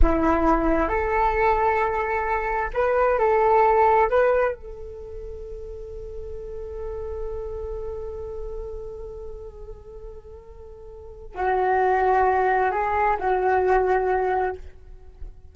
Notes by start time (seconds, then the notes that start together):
0.02 E4
0.88 A4
2.73 B4
3.19 A4
4.09 B4
4.54 A4
11.35 F#4
12.71 G#4
13.19 F#4